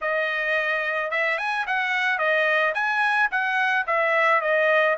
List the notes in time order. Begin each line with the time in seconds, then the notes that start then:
0.01 D#5
1.11 E5
1.38 G#5
1.66 F#5
2.18 D#5
2.74 G#5
3.31 F#5
3.86 E5
4.41 D#5